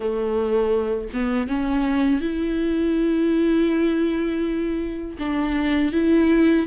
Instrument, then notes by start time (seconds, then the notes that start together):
viola
0.00 A3
1.13 B3
1.48 C#4
2.20 E4
5.19 D4
5.92 E4